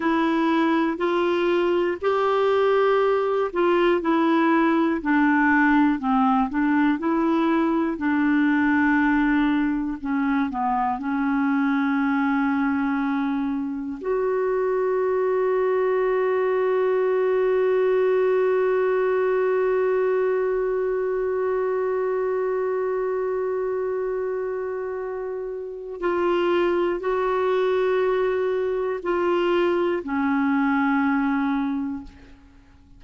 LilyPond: \new Staff \with { instrumentName = "clarinet" } { \time 4/4 \tempo 4 = 60 e'4 f'4 g'4. f'8 | e'4 d'4 c'8 d'8 e'4 | d'2 cis'8 b8 cis'4~ | cis'2 fis'2~ |
fis'1~ | fis'1~ | fis'2 f'4 fis'4~ | fis'4 f'4 cis'2 | }